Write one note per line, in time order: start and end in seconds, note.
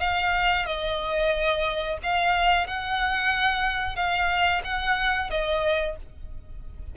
0.00 0.66 F5
0.66 1.98 D#5
2.03 2.67 F5
2.67 3.96 F#5
3.96 4.62 F5
4.65 5.30 F#5
5.30 5.96 D#5